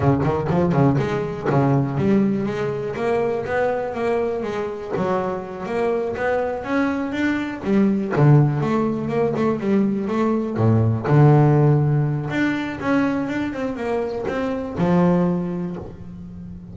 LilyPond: \new Staff \with { instrumentName = "double bass" } { \time 4/4 \tempo 4 = 122 cis8 dis8 f8 cis8 gis4 cis4 | g4 gis4 ais4 b4 | ais4 gis4 fis4. ais8~ | ais8 b4 cis'4 d'4 g8~ |
g8 d4 a4 ais8 a8 g8~ | g8 a4 a,4 d4.~ | d4 d'4 cis'4 d'8 c'8 | ais4 c'4 f2 | }